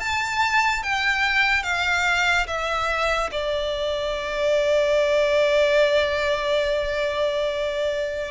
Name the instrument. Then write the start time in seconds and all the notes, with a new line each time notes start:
violin
0.00 A5
0.83 G5
1.63 F5
2.47 E5
3.31 D5